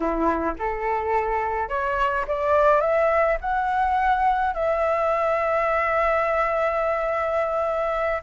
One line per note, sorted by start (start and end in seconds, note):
0.00 0.54 E4
0.58 1.68 A4
1.68 2.25 C#5
2.27 2.80 D5
2.80 3.37 E5
3.40 4.53 F#5
4.54 8.22 E5